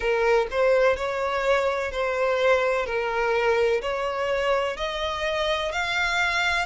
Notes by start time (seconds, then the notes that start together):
0.00 A#4
0.51 C5
0.96 C#5
1.91 C5
2.86 A#4
3.81 C#5
4.76 D#5
5.71 F5